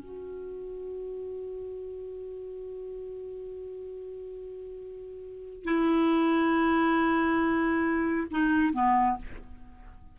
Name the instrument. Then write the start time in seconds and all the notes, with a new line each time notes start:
clarinet
0.00 F#4
5.65 E4
8.31 D#4
8.73 B3